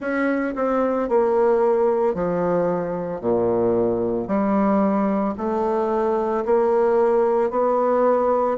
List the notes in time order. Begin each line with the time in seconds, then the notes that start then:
0.00 C#4
0.55 C4
1.09 A#3
2.14 F3
3.20 A#2
4.27 G3
5.37 A3
6.45 A#3
7.50 B3